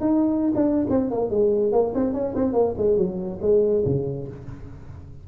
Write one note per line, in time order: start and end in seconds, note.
0.00 0.53 D#4
0.55 0.87 D4
0.90 1.10 C4
1.10 1.30 A#3
1.30 1.72 G#3
1.72 1.93 A#3
1.95 2.13 C4
2.13 2.34 C#4
2.35 2.53 C4
2.53 2.74 A#3
2.77 2.97 G#3
2.97 3.39 F#3
3.41 3.84 G#3
3.85 4.28 C#3